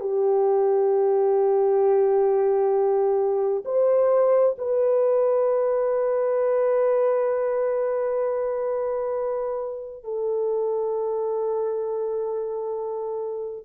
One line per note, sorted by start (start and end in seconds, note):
0.00 3.64 G4
3.65 4.56 C5
4.58 10.03 B4
10.03 13.65 A4